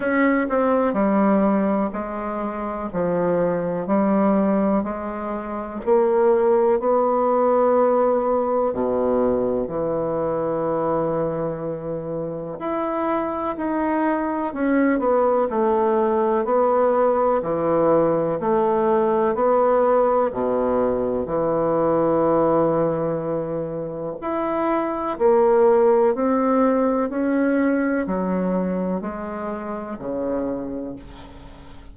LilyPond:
\new Staff \with { instrumentName = "bassoon" } { \time 4/4 \tempo 4 = 62 cis'8 c'8 g4 gis4 f4 | g4 gis4 ais4 b4~ | b4 b,4 e2~ | e4 e'4 dis'4 cis'8 b8 |
a4 b4 e4 a4 | b4 b,4 e2~ | e4 e'4 ais4 c'4 | cis'4 fis4 gis4 cis4 | }